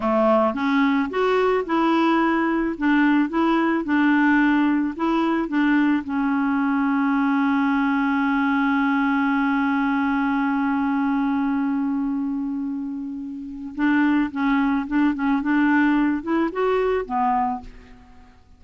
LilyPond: \new Staff \with { instrumentName = "clarinet" } { \time 4/4 \tempo 4 = 109 a4 cis'4 fis'4 e'4~ | e'4 d'4 e'4 d'4~ | d'4 e'4 d'4 cis'4~ | cis'1~ |
cis'1~ | cis'1~ | cis'4 d'4 cis'4 d'8 cis'8 | d'4. e'8 fis'4 b4 | }